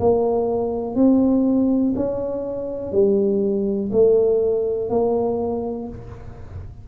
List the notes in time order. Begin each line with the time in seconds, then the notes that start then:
0.00 A#3
0.96 C4
1.96 C#4
2.92 G3
3.92 A3
4.90 A#3